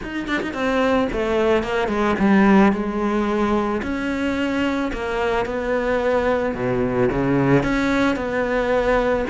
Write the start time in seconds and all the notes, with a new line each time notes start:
0.02 D#4
0.27 D4
0.42 D#4
0.53 C4
1.12 A3
1.63 A#3
1.88 G#3
2.19 G3
2.72 G#3
3.82 C#4
4.92 A#3
5.45 B3
6.54 B2
7.11 C#3
7.63 C#4
8.16 B3